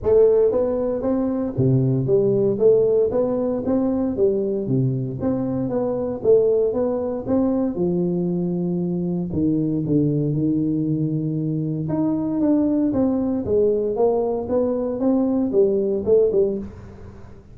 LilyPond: \new Staff \with { instrumentName = "tuba" } { \time 4/4 \tempo 4 = 116 a4 b4 c'4 c4 | g4 a4 b4 c'4 | g4 c4 c'4 b4 | a4 b4 c'4 f4~ |
f2 dis4 d4 | dis2. dis'4 | d'4 c'4 gis4 ais4 | b4 c'4 g4 a8 g8 | }